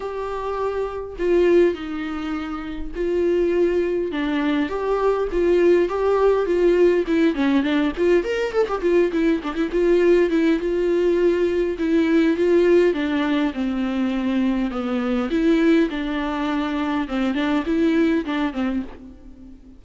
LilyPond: \new Staff \with { instrumentName = "viola" } { \time 4/4 \tempo 4 = 102 g'2 f'4 dis'4~ | dis'4 f'2 d'4 | g'4 f'4 g'4 f'4 | e'8 cis'8 d'8 f'8 ais'8 a'16 g'16 f'8 e'8 |
d'16 e'16 f'4 e'8 f'2 | e'4 f'4 d'4 c'4~ | c'4 b4 e'4 d'4~ | d'4 c'8 d'8 e'4 d'8 c'8 | }